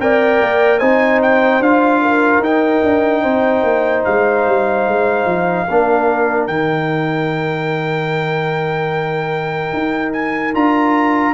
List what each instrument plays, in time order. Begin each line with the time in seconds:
0.00 tuba C4, trombone A#4, horn D5, trumpet G5
0.41 tuba A#3
0.79 tuba C4, trombone D#4, horn C5, trumpet G#5
1.22 trumpet G5
1.60 tuba D4, trombone F4, trumpet F5
2.02 horn A#4
2.39 tuba D#4, trombone D#4, trumpet G5
2.84 tuba D4
3.23 tuba C4, horn C5
3.63 tuba A#3
4.04 tuba G#3, trumpet F5
4.47 tuba G3
4.87 tuba G#3
5.26 tuba F3
5.67 tuba A#3, trombone D4, horn A#4
6.47 tuba D#3, trombone D#4, trumpet G5
9.73 tuba D#4
10.13 trumpet G#5
10.54 tuba D4, trombone F4, trumpet A#5